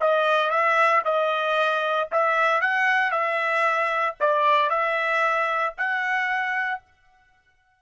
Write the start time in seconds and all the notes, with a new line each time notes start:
0.00 D#5
0.50 E5
1.05 D#5
2.11 E5
2.61 F#5
3.11 E5
4.20 D5
4.70 E5
5.77 F#5